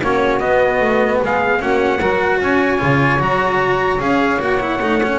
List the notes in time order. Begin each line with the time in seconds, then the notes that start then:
0.00 A#3 C#4 F#4 C#5
0.40 B3 D#5
0.80 A3
1.22 G#3 G#4 F5
1.59 A#3 C#4 F#4 F#5
1.99 F#3 F#4 A#4
2.40 C#4 C#5 G#5
2.78 C#3 F4
3.19 F#3 F#4 A#5
3.99 C#4 G#4 F5
4.40 A#3 F#4 F#5
4.60 E4
4.81 A3 D#4
5.03 C#4